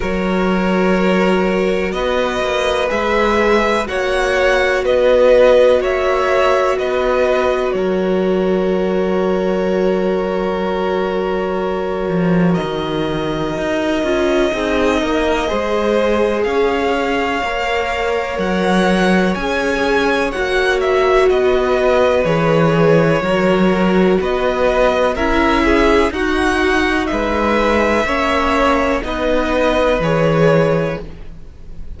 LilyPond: <<
  \new Staff \with { instrumentName = "violin" } { \time 4/4 \tempo 4 = 62 cis''2 dis''4 e''4 | fis''4 dis''4 e''4 dis''4 | cis''1~ | cis''4 dis''2.~ |
dis''4 f''2 fis''4 | gis''4 fis''8 e''8 dis''4 cis''4~ | cis''4 dis''4 e''4 fis''4 | e''2 dis''4 cis''4 | }
  \new Staff \with { instrumentName = "violin" } { \time 4/4 ais'2 b'2 | cis''4 b'4 cis''4 b'4 | ais'1~ | ais'2. gis'8 ais'8 |
c''4 cis''2.~ | cis''2 b'2 | ais'4 b'4 ais'8 gis'8 fis'4 | b'4 cis''4 b'2 | }
  \new Staff \with { instrumentName = "viola" } { \time 4/4 fis'2. gis'4 | fis'1~ | fis'1~ | fis'2~ fis'8 f'8 dis'4 |
gis'2 ais'2 | gis'4 fis'2 gis'4 | fis'2 e'4 dis'4~ | dis'4 cis'4 dis'4 gis'4 | }
  \new Staff \with { instrumentName = "cello" } { \time 4/4 fis2 b8 ais8 gis4 | ais4 b4 ais4 b4 | fis1~ | fis8 f8 dis4 dis'8 cis'8 c'8 ais8 |
gis4 cis'4 ais4 fis4 | cis'4 ais4 b4 e4 | fis4 b4 cis'4 dis'4 | gis4 ais4 b4 e4 | }
>>